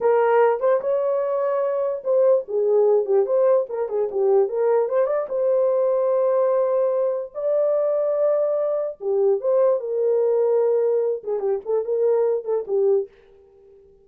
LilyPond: \new Staff \with { instrumentName = "horn" } { \time 4/4 \tempo 4 = 147 ais'4. c''8 cis''2~ | cis''4 c''4 gis'4. g'8 | c''4 ais'8 gis'8 g'4 ais'4 | c''8 d''8 c''2.~ |
c''2 d''2~ | d''2 g'4 c''4 | ais'2.~ ais'8 gis'8 | g'8 a'8 ais'4. a'8 g'4 | }